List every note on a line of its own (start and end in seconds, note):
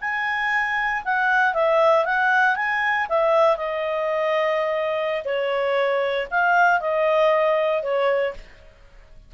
0.00 1.03 G#5
1.04 1.53 F#5
1.53 2.05 E5
2.05 2.55 F#5
2.55 3.07 G#5
3.09 3.56 E5
3.56 5.23 D#5
5.24 6.27 C#5
6.30 6.80 F5
6.80 7.82 D#5
7.82 8.34 C#5